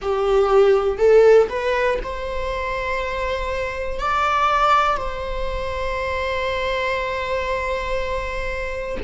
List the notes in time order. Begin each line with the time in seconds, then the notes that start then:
0.01 G4
0.98 A4
1.49 B4
2.03 C5
3.99 D5
4.97 C5